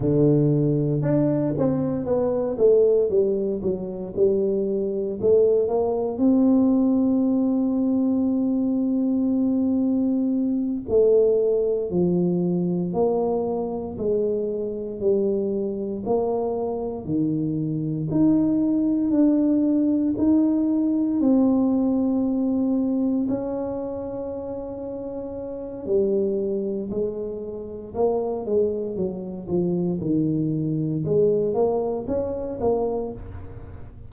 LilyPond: \new Staff \with { instrumentName = "tuba" } { \time 4/4 \tempo 4 = 58 d4 d'8 c'8 b8 a8 g8 fis8 | g4 a8 ais8 c'2~ | c'2~ c'8 a4 f8~ | f8 ais4 gis4 g4 ais8~ |
ais8 dis4 dis'4 d'4 dis'8~ | dis'8 c'2 cis'4.~ | cis'4 g4 gis4 ais8 gis8 | fis8 f8 dis4 gis8 ais8 cis'8 ais8 | }